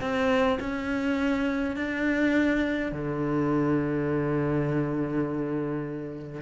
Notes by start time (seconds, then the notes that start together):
0.00 C4
0.59 C#4
1.76 D4
2.92 D3